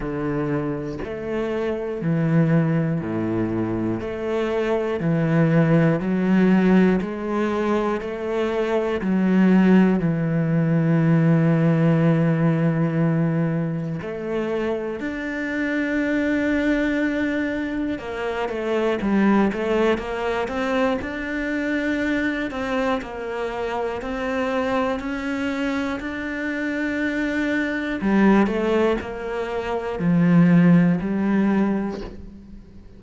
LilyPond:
\new Staff \with { instrumentName = "cello" } { \time 4/4 \tempo 4 = 60 d4 a4 e4 a,4 | a4 e4 fis4 gis4 | a4 fis4 e2~ | e2 a4 d'4~ |
d'2 ais8 a8 g8 a8 | ais8 c'8 d'4. c'8 ais4 | c'4 cis'4 d'2 | g8 a8 ais4 f4 g4 | }